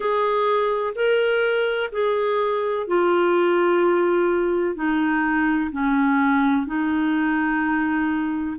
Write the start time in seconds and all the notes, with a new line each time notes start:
0.00 G#4
0.95 A#4
1.92 G#4
2.87 F4
4.74 D#4
5.71 C#4
6.66 D#4